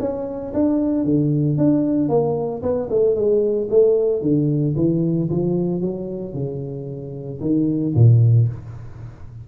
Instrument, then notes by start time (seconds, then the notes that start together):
tuba
0.00 C#4
0.54 D4
1.05 D3
1.58 D4
2.09 A#3
2.63 B3
2.90 A3
3.15 G#3
3.70 A3
4.22 D3
4.76 E3
5.30 F3
5.82 F#3
6.34 C#3
7.41 D#3
7.95 A#2